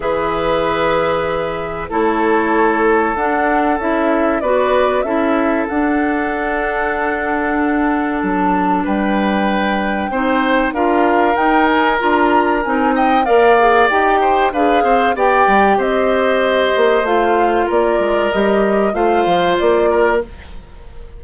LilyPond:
<<
  \new Staff \with { instrumentName = "flute" } { \time 4/4 \tempo 4 = 95 e''2. cis''4~ | cis''4 fis''4 e''4 d''4 | e''4 fis''2.~ | fis''4 a''4 g''2~ |
g''4 f''4 g''8 gis''8 ais''4 | gis''8 g''8 f''4 g''4 f''4 | g''4 dis''2 f''4 | d''4 dis''4 f''4 d''4 | }
  \new Staff \with { instrumentName = "oboe" } { \time 4/4 b'2. a'4~ | a'2. b'4 | a'1~ | a'2 b'2 |
c''4 ais'2.~ | ais'8 dis''8 d''4. c''8 b'8 c''8 | d''4 c''2. | ais'2 c''4. ais'8 | }
  \new Staff \with { instrumentName = "clarinet" } { \time 4/4 gis'2. e'4~ | e'4 d'4 e'4 fis'4 | e'4 d'2.~ | d'1 |
dis'4 f'4 dis'4 f'4 | dis'4 ais'8 gis'8 g'4 gis'4 | g'2. f'4~ | f'4 g'4 f'2 | }
  \new Staff \with { instrumentName = "bassoon" } { \time 4/4 e2. a4~ | a4 d'4 cis'4 b4 | cis'4 d'2.~ | d'4 fis4 g2 |
c'4 d'4 dis'4 d'4 | c'4 ais4 dis'4 d'8 c'8 | b8 g8 c'4. ais8 a4 | ais8 gis8 g4 a8 f8 ais4 | }
>>